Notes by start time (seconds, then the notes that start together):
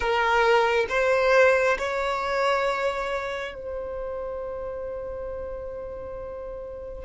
0.00 A#4
0.89 C5
1.78 C#5
3.54 C5